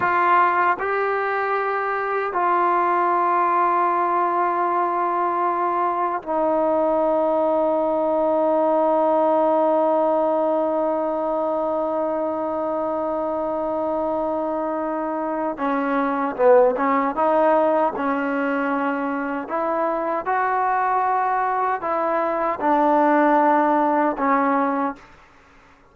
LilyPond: \new Staff \with { instrumentName = "trombone" } { \time 4/4 \tempo 4 = 77 f'4 g'2 f'4~ | f'1 | dis'1~ | dis'1~ |
dis'1 | cis'4 b8 cis'8 dis'4 cis'4~ | cis'4 e'4 fis'2 | e'4 d'2 cis'4 | }